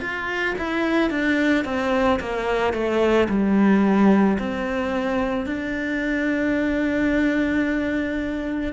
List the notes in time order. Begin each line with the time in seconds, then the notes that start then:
0.00 F4
0.58 E4
1.10 D4
1.65 C4
2.20 A#3
2.73 A3
3.29 G3
4.39 C4
5.46 D4